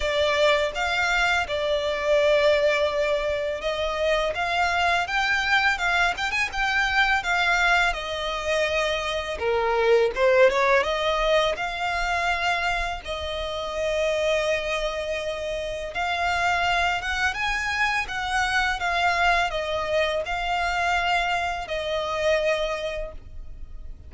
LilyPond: \new Staff \with { instrumentName = "violin" } { \time 4/4 \tempo 4 = 83 d''4 f''4 d''2~ | d''4 dis''4 f''4 g''4 | f''8 g''16 gis''16 g''4 f''4 dis''4~ | dis''4 ais'4 c''8 cis''8 dis''4 |
f''2 dis''2~ | dis''2 f''4. fis''8 | gis''4 fis''4 f''4 dis''4 | f''2 dis''2 | }